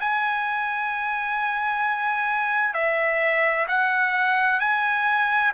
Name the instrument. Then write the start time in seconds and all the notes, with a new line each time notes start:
trumpet
0.00 G#5
2.74 E5
3.68 F#5
4.60 G#5